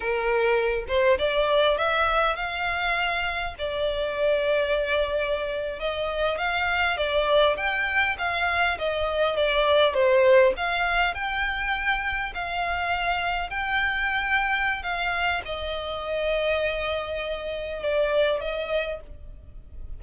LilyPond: \new Staff \with { instrumentName = "violin" } { \time 4/4 \tempo 4 = 101 ais'4. c''8 d''4 e''4 | f''2 d''2~ | d''4.~ d''16 dis''4 f''4 d''16~ | d''8. g''4 f''4 dis''4 d''16~ |
d''8. c''4 f''4 g''4~ g''16~ | g''8. f''2 g''4~ g''16~ | g''4 f''4 dis''2~ | dis''2 d''4 dis''4 | }